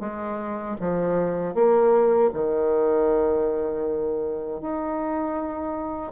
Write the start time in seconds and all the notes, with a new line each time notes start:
0.00 G#3
0.80 F3
1.55 A#3
2.34 D#3
4.61 D#4